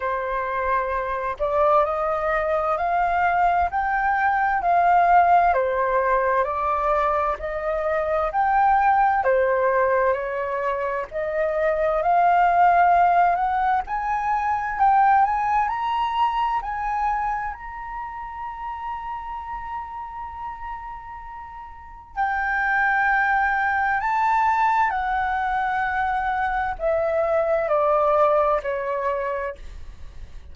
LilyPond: \new Staff \with { instrumentName = "flute" } { \time 4/4 \tempo 4 = 65 c''4. d''8 dis''4 f''4 | g''4 f''4 c''4 d''4 | dis''4 g''4 c''4 cis''4 | dis''4 f''4. fis''8 gis''4 |
g''8 gis''8 ais''4 gis''4 ais''4~ | ais''1 | g''2 a''4 fis''4~ | fis''4 e''4 d''4 cis''4 | }